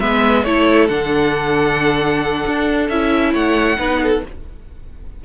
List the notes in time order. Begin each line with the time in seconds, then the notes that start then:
0.00 G#3 B3 B4 E5
0.44 A3 E4 A4 C#5
0.88 D3 D4 F#5
2.47 D4
2.89 C#4 E4 E5
3.33 A3 C#5 F#5
3.77 B3 D#4 B4
4.03 A4